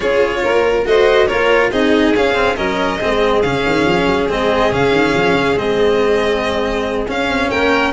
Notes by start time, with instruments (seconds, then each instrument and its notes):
0.00 tuba C#4, cello F4, violin G#4 C#5
0.43 tuba A#3, violin A#4
0.85 tuba A3, cello F#4, violin C5 D#5
1.27 tuba A#3, cello F4, violin A#4 C#5
1.71 tuba C4, cello D#4, violin G#4 D#5
2.15 tuba C#4, cello C#4, violin F5
2.34 cello C4
2.56 tuba F#3, cello C#4, violin A#4 D#5
2.98 cello C4, violin G#4
3.05 tuba G#3
3.41 tuba C#3, cello C#4, violin F5
3.66 tuba D#3
3.85 tuba F3
4.06 tuba F#3
4.28 tuba G#3, cello C4, violin D#5
4.71 tuba C#3, cello C#4, violin F5
4.91 tuba D#3
5.14 tuba F3
5.34 tuba C#3
5.55 tuba G#3, cello C4, violin D#5
7.08 cello C#4, tuba C#4, violin F5
7.28 tuba C4
7.50 tuba A#3, violin A#4 G5